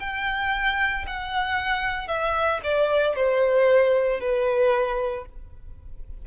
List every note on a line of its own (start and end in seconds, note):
0.00 1.05 G5
1.07 2.08 F#5
2.08 2.60 E5
2.63 3.16 D5
3.16 4.20 C5
4.20 5.25 B4